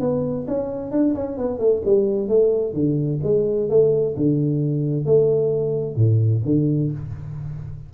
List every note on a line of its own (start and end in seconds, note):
0.00 0.46 B3
0.48 0.91 C#4
0.91 1.14 D4
1.15 1.37 C#4
1.37 1.59 B3
1.59 1.82 A3
1.85 2.28 G3
2.28 2.74 A3
2.74 3.20 D3
3.23 3.69 G#3
3.69 4.16 A3
4.16 5.06 D3
5.06 5.96 A3
5.96 6.42 A2
6.45 6.91 D3